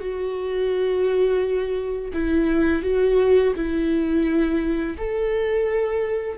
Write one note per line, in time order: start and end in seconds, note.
0.00 2.12 F#4
2.14 2.83 E4
2.83 3.53 F#4
3.56 4.97 E4
4.98 6.38 A4